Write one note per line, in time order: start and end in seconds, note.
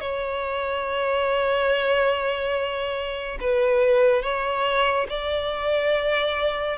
0.00 3.38 C#5
3.40 4.22 B4
4.22 5.06 C#5
5.09 6.77 D5